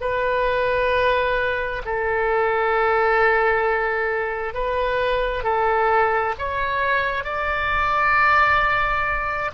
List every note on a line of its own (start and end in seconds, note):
0.00 1.82 B4
1.85 4.54 A4
4.54 5.43 B4
5.43 6.34 A4
6.38 7.24 C#5
7.24 9.51 D5